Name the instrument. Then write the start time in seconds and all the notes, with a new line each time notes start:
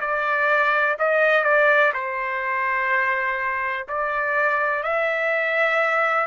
trumpet
0.00 D5
0.99 D#5
1.43 D5
1.93 C5
3.88 D5
4.83 E5